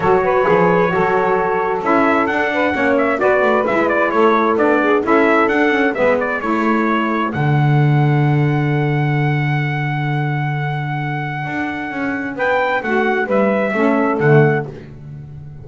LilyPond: <<
  \new Staff \with { instrumentName = "trumpet" } { \time 4/4 \tempo 4 = 131 cis''1 | e''4 fis''4. e''8 d''4 | e''8 d''8 cis''4 d''4 e''4 | fis''4 e''8 d''8 cis''2 |
fis''1~ | fis''1~ | fis''2. g''4 | fis''4 e''2 fis''4 | }
  \new Staff \with { instrumentName = "saxophone" } { \time 4/4 a'8 b'4. a'2~ | a'4. b'8 cis''4 b'4~ | b'4 a'4. gis'8 a'4~ | a'4 b'4 a'2~ |
a'1~ | a'1~ | a'2. b'4 | fis'4 b'4 a'2 | }
  \new Staff \with { instrumentName = "saxophone" } { \time 4/4 fis'4 gis'4 fis'2 | e'4 d'4 cis'4 fis'4 | e'2 d'4 e'4 | d'8 cis'8 b4 e'2 |
d'1~ | d'1~ | d'1~ | d'2 cis'4 a4 | }
  \new Staff \with { instrumentName = "double bass" } { \time 4/4 fis4 f4 fis2 | cis'4 d'4 ais4 b8 a8 | gis4 a4 b4 cis'4 | d'4 gis4 a2 |
d1~ | d1~ | d4 d'4 cis'4 b4 | a4 g4 a4 d4 | }
>>